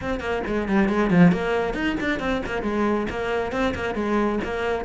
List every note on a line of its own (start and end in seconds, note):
0.01 0.20 C4
0.20 0.42 A#3
0.46 0.68 G#3
0.68 0.88 G3
0.88 1.10 G#3
1.10 1.32 F3
1.32 1.74 A#3
1.74 1.96 D#4
2.00 2.19 D4
2.19 2.41 C4
2.46 2.62 A#3
2.62 3.06 G#3
3.10 3.52 A#3
3.52 3.74 C4
3.74 3.95 A#3
3.95 4.39 G#3
4.44 4.84 A#3